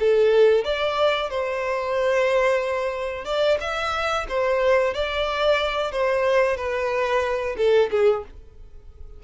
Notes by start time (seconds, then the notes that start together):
0.00 A4
0.65 D5
1.30 C5
3.25 D5
3.61 E5
4.29 C5
4.95 D5
5.92 C5
6.57 B4
7.57 A4
7.91 G#4